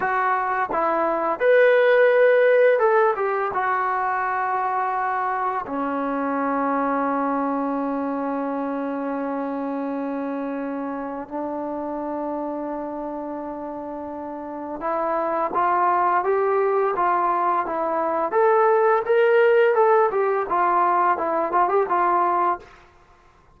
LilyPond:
\new Staff \with { instrumentName = "trombone" } { \time 4/4 \tempo 4 = 85 fis'4 e'4 b'2 | a'8 g'8 fis'2. | cis'1~ | cis'1 |
d'1~ | d'4 e'4 f'4 g'4 | f'4 e'4 a'4 ais'4 | a'8 g'8 f'4 e'8 f'16 g'16 f'4 | }